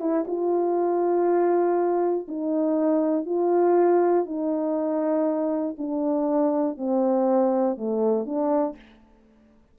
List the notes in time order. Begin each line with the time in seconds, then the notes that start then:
0.00 E4
0.27 F4
2.28 D#4
3.26 F4
4.26 D#4
5.78 D4
6.77 C4
7.77 A3
8.26 D4